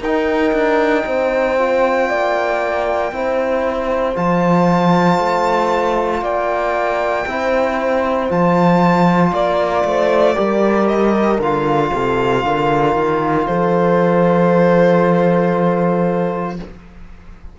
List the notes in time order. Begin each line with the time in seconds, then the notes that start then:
0.00 D#4 A#4 G5
0.52 D4
1.06 C4 C5
1.58 F4
2.09 A#3 D5
3.12 C4 E4 C5
4.15 F3 F4 A5
5.19 A3
6.22 A#3 D5 G5
7.26 C4 E4 C5
8.29 F3 F4 A5
9.32 A#3 D5
9.84 A3 C5
10.34 G3 G4 A#4
10.88 D#5
11.39 D3 F4 F5
11.92 C3 A4
12.44 D3 A#4
12.95 D#3
13.47 F3 A4 C5